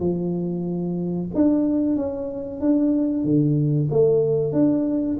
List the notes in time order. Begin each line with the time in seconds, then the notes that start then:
0.00 F3
1.35 D4
1.96 C#4
2.61 D4
3.24 D3
3.91 A3
4.53 D4